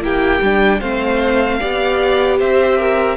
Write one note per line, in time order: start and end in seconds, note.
0.00 0.39 A#3
0.00 0.41 E4
0.00 0.79 G4
0.00 0.81 G5
0.41 0.81 G3
0.41 0.81 D4
0.79 1.60 A3
0.79 1.60 C4
0.79 1.58 C5
0.79 2.39 F5
1.59 2.41 B3
1.59 3.17 G4
1.59 2.38 D5
2.39 3.17 C4
2.39 2.78 C5
2.39 3.17 E5
2.78 3.17 A#4